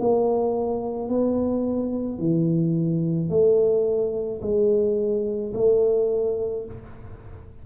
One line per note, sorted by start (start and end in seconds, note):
0.00 1.09 A#3
1.09 2.19 B3
2.19 3.30 E3
3.30 4.41 A3
4.42 5.53 G#3
5.54 6.65 A3